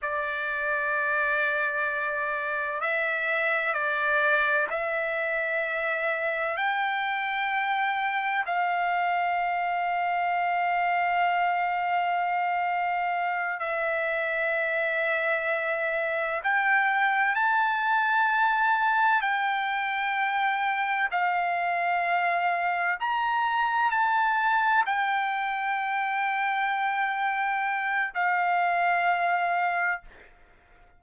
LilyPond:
\new Staff \with { instrumentName = "trumpet" } { \time 4/4 \tempo 4 = 64 d''2. e''4 | d''4 e''2 g''4~ | g''4 f''2.~ | f''2~ f''8 e''4.~ |
e''4. g''4 a''4.~ | a''8 g''2 f''4.~ | f''8 ais''4 a''4 g''4.~ | g''2 f''2 | }